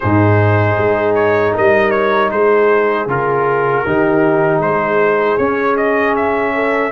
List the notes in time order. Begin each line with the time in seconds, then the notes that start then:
0.00 G#2 D#4 G#4 C5
0.77 G#3
1.14 C#5
1.53 G3 A#4 D#5
1.91 C#5
2.31 G#3 G#4 C5
3.07 C#3 F4 A#4
3.85 D#3 D#4 G4
4.58 G#3 C5
4.65 G#4
5.37 C#4 C#5
5.76 D#5
6.16 E5
6.54 A4